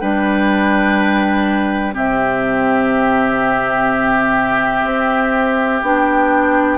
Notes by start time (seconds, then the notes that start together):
0.00 G3 D4 B4 G5
1.93 C3 C4 G4 E5
4.84 C4
5.82 B3 D4 G5